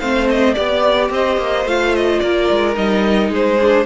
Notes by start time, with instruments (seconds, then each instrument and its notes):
0.00 cello A3, viola C4, violin C5 F5
0.30 violin D#5
0.54 cello B3, viola G4, violin D5
1.10 cello C4, violin C5 D#5
1.38 cello A#3
1.65 cello A3, viola F4, violin F5
1.95 violin D#5
2.20 cello A#3, violin A#4 D5
2.51 cello G#3
2.75 cello G3, viola D#4, violin D#5
3.30 cello G#3, violin G#4 C5
3.61 viola D4